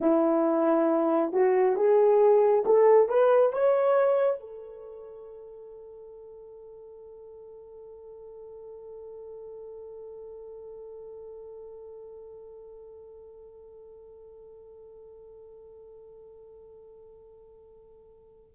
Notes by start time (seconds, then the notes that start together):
0.00 E4
1.32 F#4
1.76 G#4
2.65 A4
3.08 B4
3.53 C#5
4.40 A4